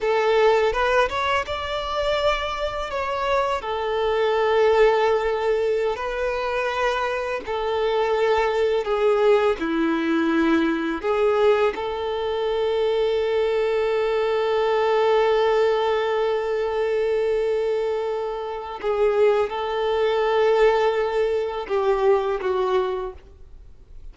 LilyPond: \new Staff \with { instrumentName = "violin" } { \time 4/4 \tempo 4 = 83 a'4 b'8 cis''8 d''2 | cis''4 a'2.~ | a'16 b'2 a'4.~ a'16~ | a'16 gis'4 e'2 gis'8.~ |
gis'16 a'2.~ a'8.~ | a'1~ | a'2 gis'4 a'4~ | a'2 g'4 fis'4 | }